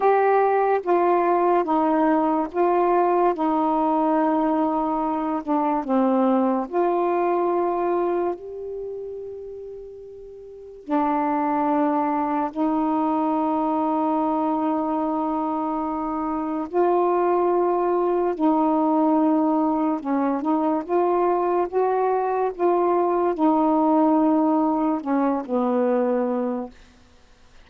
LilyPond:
\new Staff \with { instrumentName = "saxophone" } { \time 4/4 \tempo 4 = 72 g'4 f'4 dis'4 f'4 | dis'2~ dis'8 d'8 c'4 | f'2 g'2~ | g'4 d'2 dis'4~ |
dis'1 | f'2 dis'2 | cis'8 dis'8 f'4 fis'4 f'4 | dis'2 cis'8 b4. | }